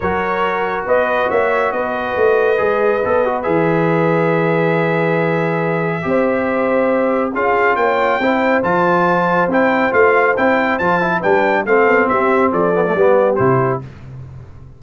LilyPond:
<<
  \new Staff \with { instrumentName = "trumpet" } { \time 4/4 \tempo 4 = 139 cis''2 dis''4 e''4 | dis''1 | e''1~ | e''1~ |
e''4 f''4 g''2 | a''2 g''4 f''4 | g''4 a''4 g''4 f''4 | e''4 d''2 c''4 | }
  \new Staff \with { instrumentName = "horn" } { \time 4/4 ais'2 b'4 cis''4 | b'1~ | b'1~ | b'2 c''2~ |
c''4 gis'4 cis''4 c''4~ | c''1~ | c''2 b'4 a'4 | g'4 a'4 g'2 | }
  \new Staff \with { instrumentName = "trombone" } { \time 4/4 fis'1~ | fis'2 gis'4 a'8 fis'8 | gis'1~ | gis'2 g'2~ |
g'4 f'2 e'4 | f'2 e'4 f'4 | e'4 f'8 e'8 d'4 c'4~ | c'4. b16 a16 b4 e'4 | }
  \new Staff \with { instrumentName = "tuba" } { \time 4/4 fis2 b4 ais4 | b4 a4 gis4 b4 | e1~ | e2 c'2~ |
c'4 cis'4 ais4 c'4 | f2 c'4 a4 | c'4 f4 g4 a8 b8 | c'4 f4 g4 c4 | }
>>